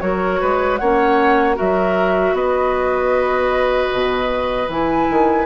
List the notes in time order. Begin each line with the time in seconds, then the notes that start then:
0.00 F#3 F#4 A#4 C#5
0.41 G#3 B4
0.77 A#3 C#4 C#5 F#5
1.55 F#3 F#4 A#4 E5
2.33 B3 B4 D#5
3.93 B2
4.68 E3 E4 G#5
5.10 D#3